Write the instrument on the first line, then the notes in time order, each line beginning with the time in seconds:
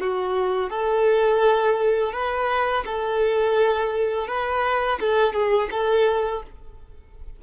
violin
0.00 F#4
0.69 A4
2.12 B4
2.85 A4
4.27 B4
5.00 A4
5.33 G#4
5.71 A4